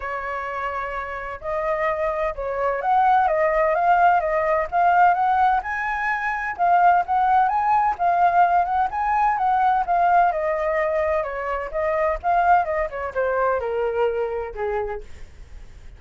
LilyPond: \new Staff \with { instrumentName = "flute" } { \time 4/4 \tempo 4 = 128 cis''2. dis''4~ | dis''4 cis''4 fis''4 dis''4 | f''4 dis''4 f''4 fis''4 | gis''2 f''4 fis''4 |
gis''4 f''4. fis''8 gis''4 | fis''4 f''4 dis''2 | cis''4 dis''4 f''4 dis''8 cis''8 | c''4 ais'2 gis'4 | }